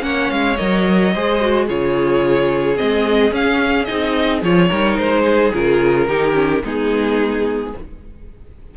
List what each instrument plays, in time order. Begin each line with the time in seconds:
0.00 cello A#3, viola C#4, violin C#5 F#5
0.31 cello G#3, violin F5
0.57 cello F#3, viola A#4, violin D#5
1.15 cello G#3, viola G#4, violin C5
1.41 viola F#4
1.67 cello C#3, viola F4, violin G#4 C#5
2.76 cello G#3, viola C4, violin D#5
3.31 viola C#4, cello C#4, violin F5
3.85 cello C4, viola D#4, violin D#5
4.42 cello F3, viola F4, violin C#5
4.69 cello G3, viola D#4, violin A#4
4.98 cello G#3, violin C5
5.25 violin G#4
5.53 cello C#3, viola F4, violin A#4
6.08 cello D#3, viola D#4, violin G4
6.33 viola C#4
6.64 cello G#3, viola B3, violin D#4 G#4